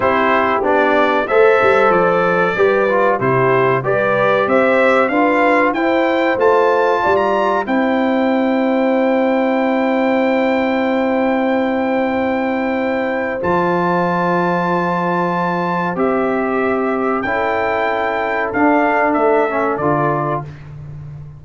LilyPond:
<<
  \new Staff \with { instrumentName = "trumpet" } { \time 4/4 \tempo 4 = 94 c''4 d''4 e''4 d''4~ | d''4 c''4 d''4 e''4 | f''4 g''4 a''4~ a''16 ais''8. | g''1~ |
g''1~ | g''4 a''2.~ | a''4 e''2 g''4~ | g''4 f''4 e''4 d''4 | }
  \new Staff \with { instrumentName = "horn" } { \time 4/4 g'2 c''2 | b'4 g'4 b'4 c''4 | b'4 c''2 d''4 | c''1~ |
c''1~ | c''1~ | c''2. a'4~ | a'1 | }
  \new Staff \with { instrumentName = "trombone" } { \time 4/4 e'4 d'4 a'2 | g'8 f'8 e'4 g'2 | f'4 e'4 f'2 | e'1~ |
e'1~ | e'4 f'2.~ | f'4 g'2 e'4~ | e'4 d'4. cis'8 f'4 | }
  \new Staff \with { instrumentName = "tuba" } { \time 4/4 c'4 b4 a8 g8 f4 | g4 c4 g4 c'4 | d'4 e'4 a4 g4 | c'1~ |
c'1~ | c'4 f2.~ | f4 c'2 cis'4~ | cis'4 d'4 a4 d4 | }
>>